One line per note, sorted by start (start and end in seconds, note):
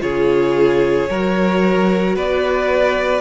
0.00 1.09 C#3
0.00 1.07 F4
0.00 1.10 G#4
0.00 2.16 C#5
1.10 2.16 F#3
1.10 3.21 F#4
1.10 2.16 A#4
2.16 3.21 B3
2.16 3.21 B4
2.16 3.21 D5